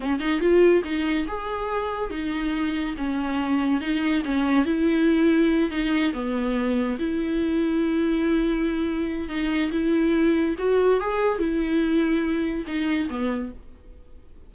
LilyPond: \new Staff \with { instrumentName = "viola" } { \time 4/4 \tempo 4 = 142 cis'8 dis'8 f'4 dis'4 gis'4~ | gis'4 dis'2 cis'4~ | cis'4 dis'4 cis'4 e'4~ | e'4. dis'4 b4.~ |
b8 e'2.~ e'8~ | e'2 dis'4 e'4~ | e'4 fis'4 gis'4 e'4~ | e'2 dis'4 b4 | }